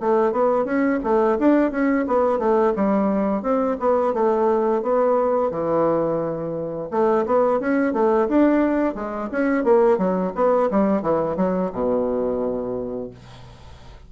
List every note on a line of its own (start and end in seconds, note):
0.00 0.32 A3
0.32 0.65 B3
0.65 0.99 C#4
1.03 1.38 A3
1.39 1.71 D4
1.71 2.06 C#4
2.07 2.39 B3
2.39 2.73 A3
2.76 3.42 G3
3.42 3.77 C4
3.80 4.13 B3
4.13 4.82 A3
4.82 5.51 B3
5.51 6.89 E3
6.91 7.25 A3
7.26 7.60 B3
7.60 7.93 C#4
7.93 8.28 A3
8.29 8.95 D4
8.95 9.29 G#3
9.32 9.64 C#4
9.64 9.98 A#3
9.98 10.33 F#3
10.35 10.70 B3
10.71 11.02 G3
11.02 11.37 E3
11.37 11.71 F#3
11.73 13.11 B2